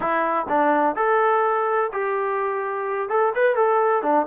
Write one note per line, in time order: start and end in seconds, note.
0.00 0.46 E4
0.48 0.95 D4
0.95 1.90 A4
1.92 3.09 G4
3.09 3.33 A4
3.35 3.55 B4
3.55 4.02 A4
4.02 4.26 D4